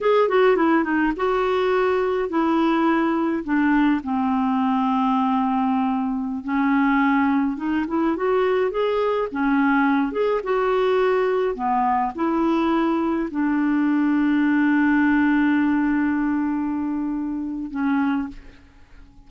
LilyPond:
\new Staff \with { instrumentName = "clarinet" } { \time 4/4 \tempo 4 = 105 gis'8 fis'8 e'8 dis'8 fis'2 | e'2 d'4 c'4~ | c'2.~ c'16 cis'8.~ | cis'4~ cis'16 dis'8 e'8 fis'4 gis'8.~ |
gis'16 cis'4. gis'8 fis'4.~ fis'16~ | fis'16 b4 e'2 d'8.~ | d'1~ | d'2. cis'4 | }